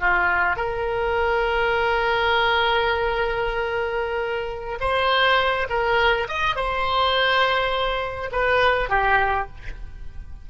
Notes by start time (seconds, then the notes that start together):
0.00 F4
0.57 A#4
4.81 C5
5.70 A#4
6.29 D#5
6.56 C5
8.32 B4
8.90 G4